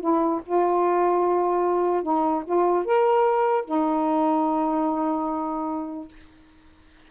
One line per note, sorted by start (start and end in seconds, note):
0.00 0.41 E4
0.45 2.03 F4
2.03 2.43 D#4
2.45 2.85 F4
2.85 3.65 A#4
3.65 6.08 D#4